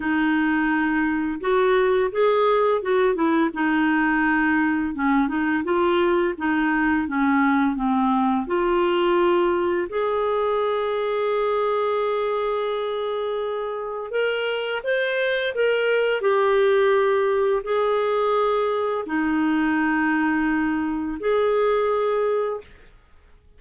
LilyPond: \new Staff \with { instrumentName = "clarinet" } { \time 4/4 \tempo 4 = 85 dis'2 fis'4 gis'4 | fis'8 e'8 dis'2 cis'8 dis'8 | f'4 dis'4 cis'4 c'4 | f'2 gis'2~ |
gis'1 | ais'4 c''4 ais'4 g'4~ | g'4 gis'2 dis'4~ | dis'2 gis'2 | }